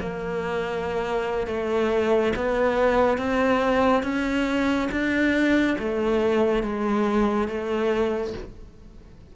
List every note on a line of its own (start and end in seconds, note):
0.00 1.47 A#3
1.47 2.33 A3
2.36 3.18 B3
3.18 4.03 C4
4.03 4.89 C#4
4.91 5.77 D4
5.79 6.63 A3
6.63 7.48 G#3
7.48 8.33 A3